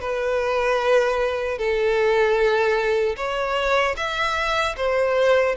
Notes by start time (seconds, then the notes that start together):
0.00 B4
1.58 A4
3.17 C#5
3.97 E5
4.77 C5